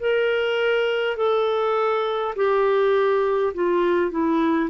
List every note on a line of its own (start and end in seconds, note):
0.00 1.17 A#4
1.17 2.35 A4
2.36 3.53 G4
3.55 4.11 F4
4.11 4.70 E4